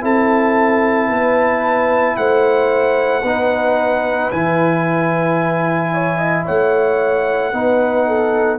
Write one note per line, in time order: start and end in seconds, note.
0.00 1.09 C4
0.00 3.21 E4
0.00 1.09 A4
0.00 2.16 A5
1.09 2.16 B3
1.09 2.16 B4
2.16 3.23 A3
2.16 3.22 C5
2.16 4.30 F#5
3.22 4.30 B3
3.22 4.31 D#4
3.22 5.90 B4
4.31 6.46 E3
4.31 7.53 E4
4.31 6.45 G#5
5.93 6.17 C#5
6.17 6.44 D#5
6.45 7.53 A3
6.45 7.52 C#5
6.45 8.58 F#5
7.53 8.58 B3
7.53 8.58 D#4
7.53 8.06 B4
8.06 8.58 A4